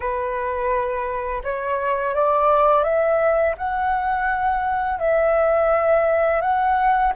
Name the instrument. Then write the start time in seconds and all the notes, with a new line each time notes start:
flute
0.00 B4
1.43 C#5
2.14 D5
2.83 E5
3.57 F#5
4.99 E5
6.41 F#5